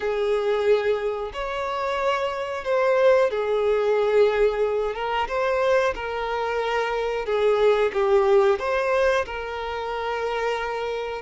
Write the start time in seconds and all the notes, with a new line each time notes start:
0.00 G#4
1.33 C#5
2.64 C5
3.30 G#4
4.95 A#4
5.27 C5
5.95 A#4
7.25 G#4
7.93 G4
8.59 C5
9.25 A#4